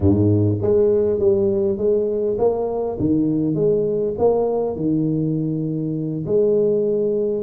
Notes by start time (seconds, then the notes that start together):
0.00 G#2
0.61 G#3
1.19 G3
1.77 G#3
2.38 A#3
2.99 D#3
3.55 G#3
4.18 A#3
4.76 D#3
6.26 G#3